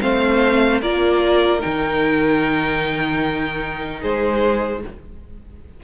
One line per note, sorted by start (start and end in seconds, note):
0.00 0.81 A3
0.00 0.80 C4
0.00 0.81 C5
0.00 0.81 F5
0.81 1.61 A#3
0.81 1.59 F4
0.81 4.00 A#4
0.81 1.61 D5
1.59 4.79 D#4
1.59 4.01 G5
1.65 4.03 D#3
4.00 4.83 G#3
4.00 4.81 G#4
4.00 4.82 C5